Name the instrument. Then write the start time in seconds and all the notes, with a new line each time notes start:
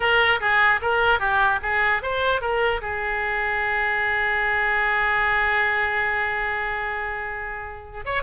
oboe
0.00 A#4
0.40 G#4
0.81 A#4
1.19 G4
1.62 G#4
2.02 C5
2.41 A#4
2.81 G#4
8.05 C#5